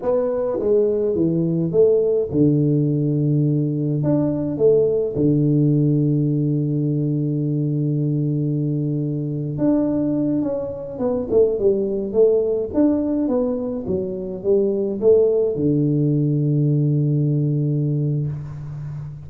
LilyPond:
\new Staff \with { instrumentName = "tuba" } { \time 4/4 \tempo 4 = 105 b4 gis4 e4 a4 | d2. d'4 | a4 d2.~ | d1~ |
d8. d'4. cis'4 b8 a16~ | a16 g4 a4 d'4 b8.~ | b16 fis4 g4 a4 d8.~ | d1 | }